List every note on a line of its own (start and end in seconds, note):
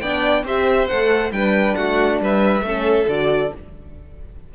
0.00 0.44 B3
0.00 0.46 D4
0.00 0.45 D5
0.00 0.44 G5
0.44 0.88 C4
0.44 0.90 G4
0.44 1.33 C5
0.44 0.88 E5
0.88 1.31 A3
0.88 1.32 A4
0.88 1.31 F#5
1.31 1.75 G3
1.31 2.64 D4
1.31 1.78 B4
1.31 1.75 G5
1.75 2.20 A3
1.75 2.22 F#4
1.75 2.19 F#5
2.20 2.61 G3
2.20 2.66 B4
2.20 3.09 E5
2.61 3.05 A3
2.61 3.09 C#4
2.61 3.55 A4
3.08 3.52 D3
3.08 3.53 F#4
3.08 3.53 D5